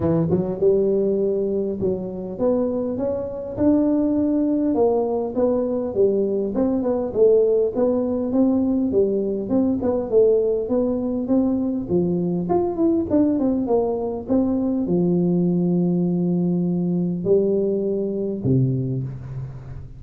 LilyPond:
\new Staff \with { instrumentName = "tuba" } { \time 4/4 \tempo 4 = 101 e8 fis8 g2 fis4 | b4 cis'4 d'2 | ais4 b4 g4 c'8 b8 | a4 b4 c'4 g4 |
c'8 b8 a4 b4 c'4 | f4 f'8 e'8 d'8 c'8 ais4 | c'4 f2.~ | f4 g2 c4 | }